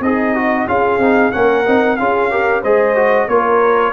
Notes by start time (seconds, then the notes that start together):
0.00 C4 D#4 G#4 D#5
0.35 F#4
0.67 C#4 F4 G#4 F5
0.98 C4 D#4
1.32 A#3 C#4 A#4 F#5
1.65 C4 D#4
1.96 C#4 F4 G#4 F5
2.30 G4 A#4
2.62 G#3 G#4 C5 D#5
2.95 F#4
3.27 A#3 F4 A#4 C#5